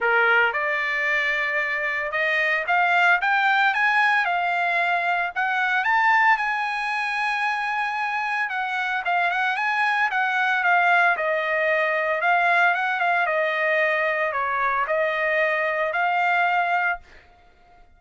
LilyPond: \new Staff \with { instrumentName = "trumpet" } { \time 4/4 \tempo 4 = 113 ais'4 d''2. | dis''4 f''4 g''4 gis''4 | f''2 fis''4 a''4 | gis''1 |
fis''4 f''8 fis''8 gis''4 fis''4 | f''4 dis''2 f''4 | fis''8 f''8 dis''2 cis''4 | dis''2 f''2 | }